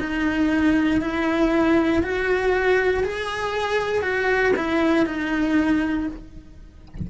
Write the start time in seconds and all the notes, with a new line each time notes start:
0.00 D#4
1.01 E4
2.03 F#4
3.04 G#4
4.02 F#4
4.56 E4
5.06 D#4